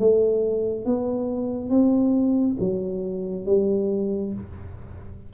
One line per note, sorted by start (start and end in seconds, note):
0.00 0.86 A3
0.86 1.70 B3
1.70 2.57 C4
2.60 3.46 F#3
3.46 4.33 G3